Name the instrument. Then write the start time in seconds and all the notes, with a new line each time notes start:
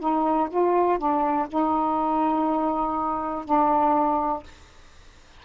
saxophone
0.00 D#4
0.51 F4
0.99 D4
1.49 D#4
3.45 D4